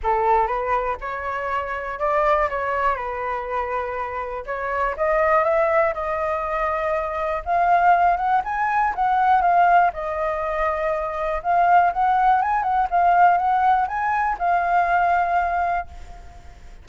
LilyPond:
\new Staff \with { instrumentName = "flute" } { \time 4/4 \tempo 4 = 121 a'4 b'4 cis''2 | d''4 cis''4 b'2~ | b'4 cis''4 dis''4 e''4 | dis''2. f''4~ |
f''8 fis''8 gis''4 fis''4 f''4 | dis''2. f''4 | fis''4 gis''8 fis''8 f''4 fis''4 | gis''4 f''2. | }